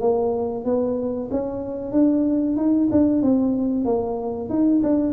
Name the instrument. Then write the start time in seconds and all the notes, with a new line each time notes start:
tuba
0.00 A#3
0.65 B3
1.31 C#4
1.92 D4
2.56 D#4
2.91 D4
3.22 C4
3.85 A#3
4.50 D#4
4.83 D4